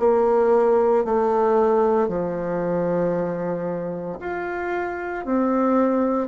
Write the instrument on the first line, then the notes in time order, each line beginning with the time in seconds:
bassoon
0.00 A#3
1.05 A3
2.09 F3
4.20 F4
5.25 C4